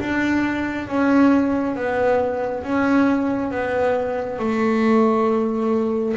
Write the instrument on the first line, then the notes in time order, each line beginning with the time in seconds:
double bass
0.00 D4
0.87 C#4
1.75 B3
2.63 C#4
3.51 B3
4.39 A3